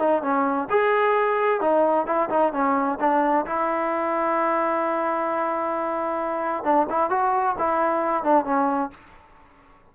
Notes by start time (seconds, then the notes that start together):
0.00 D#4
0.23 C#4
0.70 G#4
1.61 D#4
2.07 E4
2.30 D#4
2.53 C#4
3.00 D4
3.46 E4
6.64 D4
6.90 E4
7.10 F#4
7.59 E4
8.24 D4
8.45 C#4